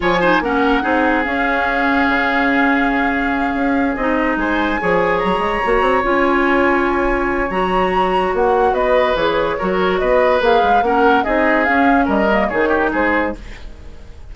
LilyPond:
<<
  \new Staff \with { instrumentName = "flute" } { \time 4/4 \tempo 4 = 144 gis''4 fis''2 f''4~ | f''1~ | f''4. dis''4 gis''4.~ | gis''8 ais''2 gis''4.~ |
gis''2 ais''2 | fis''4 dis''4 cis''2 | dis''4 f''4 fis''4 dis''4 | f''4 dis''4 cis''4 c''4 | }
  \new Staff \with { instrumentName = "oboe" } { \time 4/4 cis''8 c''8 ais'4 gis'2~ | gis'1~ | gis'2~ gis'8 c''4 cis''8~ | cis''1~ |
cis''1~ | cis''4 b'2 ais'4 | b'2 ais'4 gis'4~ | gis'4 ais'4 gis'8 g'8 gis'4 | }
  \new Staff \with { instrumentName = "clarinet" } { \time 4/4 f'8 dis'8 cis'4 dis'4 cis'4~ | cis'1~ | cis'4. dis'2 gis'8~ | gis'4. fis'4 f'4.~ |
f'2 fis'2~ | fis'2 gis'4 fis'4~ | fis'4 gis'4 cis'4 dis'4 | cis'4. ais8 dis'2 | }
  \new Staff \with { instrumentName = "bassoon" } { \time 4/4 f4 ais4 c'4 cis'4~ | cis'4 cis2.~ | cis8 cis'4 c'4 gis4 f8~ | f8 fis8 gis8 ais8 c'8 cis'4.~ |
cis'2 fis2 | ais4 b4 e4 fis4 | b4 ais8 gis8 ais4 c'4 | cis'4 g4 dis4 gis4 | }
>>